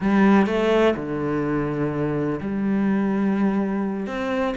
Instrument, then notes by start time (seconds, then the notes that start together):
cello
0.00 G3
0.46 A3
0.96 D3
2.40 G3
4.06 C4